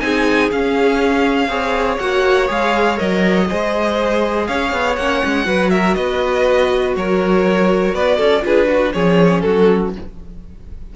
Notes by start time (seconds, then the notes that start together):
0.00 C4 D#4 G#4 G#5
0.52 C#4 F5
1.49 C4 G#4 C#5
1.99 A#3 F#4 F#5
2.48 G#3 G#4 F5
2.97 F#3 A#4 D#5
3.49 G#3 G#4 C5
4.48 C#4 C#5 F5
4.73 B3
4.96 A#3 C#4 F#5
5.25 G#3
5.45 F#3 F#4 B4
5.70 A#4 E5
5.95 B3 B4 D#5
6.96 F#3 A#4 C#5
7.95 B3 B4 D5
8.18 C#4 A4
8.41 D4 F4 G#4 B4
8.66 F#4
8.93 F3 C#4 G#4 C#5
9.41 F#3 F#4 A4